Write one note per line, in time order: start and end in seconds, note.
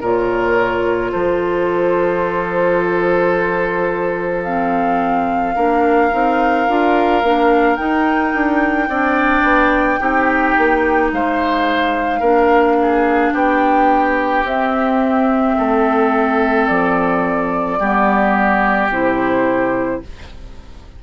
0.00 1.12 A#2
0.00 4.46 F4
0.00 1.11 A#4
0.00 1.12 C#5
1.12 5.56 F3
1.12 5.55 A4
1.12 4.43 C5
4.43 5.56 C4
4.43 7.76 F5
5.55 6.12 A#3
5.55 6.11 D4
5.55 8.88 A#4
6.11 6.69 C4
6.11 6.67 D#4
6.68 7.23 D4
6.68 7.23 F4
7.23 7.78 A#3
7.23 7.78 D4
7.76 8.89 D#4
7.76 8.34 D#4
7.76 11.09 G5
8.34 8.89 D4
8.89 9.43 C4
8.89 9.99 D4
8.89 10.00 D5
9.43 9.99 B3
9.99 10.56 C4
9.99 12.21 D#4
9.99 11.11 G4
10.58 11.12 A#3
11.12 12.21 G#3
11.12 12.20 C5
11.12 13.32 F5
12.20 13.32 A#3
12.20 14.45 D4
12.20 12.75 A#4
12.82 13.33 G#4
13.32 14.44 B3
13.32 15.56 G4
13.32 14.44 G5
14.44 15.55 C4
14.44 17.78 C4
14.44 16.67 E5
15.58 16.69 A3
15.58 17.79 A4
16.67 17.79 F3
16.67 18.89 D5
17.79 18.89 G3
17.79 18.91 B3
17.79 20.01 G4
18.89 20.00 C3
18.89 20.02 E4
18.89 20.03 C5